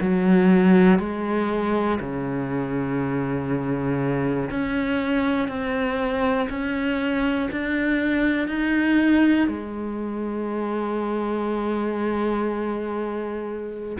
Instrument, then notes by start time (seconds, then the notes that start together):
cello
0.00 F#3
0.99 G#3
2.00 C#3
4.50 C#4
5.48 C4
6.49 C#4
7.51 D4
8.47 D#4
9.47 G#3